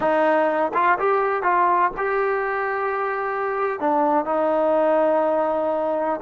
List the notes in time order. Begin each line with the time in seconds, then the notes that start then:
0.00 D#4
0.74 F4
0.99 G4
1.42 F4
1.97 G4
3.80 D4
4.25 D#4